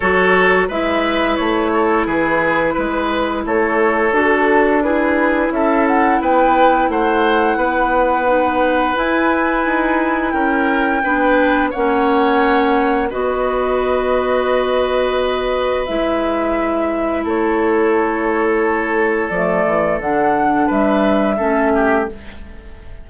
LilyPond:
<<
  \new Staff \with { instrumentName = "flute" } { \time 4/4 \tempo 4 = 87 cis''4 e''4 cis''4 b'4~ | b'4 cis''4 a'4 b'4 | e''8 fis''8 g''4 fis''2~ | fis''4 gis''2 g''4~ |
g''4 fis''2 dis''4~ | dis''2. e''4~ | e''4 cis''2. | d''4 fis''4 e''2 | }
  \new Staff \with { instrumentName = "oboe" } { \time 4/4 a'4 b'4. a'8 gis'4 | b'4 a'2 gis'4 | a'4 b'4 c''4 b'4~ | b'2. ais'4 |
b'4 cis''2 b'4~ | b'1~ | b'4 a'2.~ | a'2 b'4 a'8 g'8 | }
  \new Staff \with { instrumentName = "clarinet" } { \time 4/4 fis'4 e'2.~ | e'2 fis'4 e'4~ | e'1 | dis'4 e'2. |
d'4 cis'2 fis'4~ | fis'2. e'4~ | e'1 | a4 d'2 cis'4 | }
  \new Staff \with { instrumentName = "bassoon" } { \time 4/4 fis4 gis4 a4 e4 | gis4 a4 d'2 | cis'4 b4 a4 b4~ | b4 e'4 dis'4 cis'4 |
b4 ais2 b4~ | b2. gis4~ | gis4 a2. | f8 e8 d4 g4 a4 | }
>>